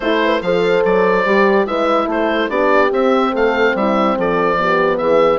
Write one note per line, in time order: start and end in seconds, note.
0.00 0.40 A3
0.00 0.43 E4
0.00 0.22 A4
0.00 0.41 C5
0.24 0.43 B4
0.41 0.83 F3
0.41 1.25 A4
0.41 1.68 C5
0.41 0.83 F5
0.84 1.25 F#3
0.84 1.66 D5
1.25 1.66 G3
1.25 1.66 G4
1.66 2.06 G#3
1.66 2.49 E4
1.66 2.06 B4
1.66 2.08 E5
2.06 2.48 A3
2.06 2.48 A4
2.06 2.50 C5
2.49 2.90 B3
2.49 2.90 D4
2.49 3.32 G4
2.49 2.91 D5
2.91 3.33 C4
2.91 4.58 C4
2.91 3.35 E5
3.32 3.74 A3
3.32 3.73 A4
3.32 3.76 F5
3.74 4.16 G3
3.74 4.17 E4
3.74 4.18 E5
4.17 5.00 F3
4.17 4.59 A4
4.17 4.97 D5
4.58 5.39 B3
4.58 4.98 G4
4.97 5.39 E3
4.97 5.39 G#4
4.97 5.39 E5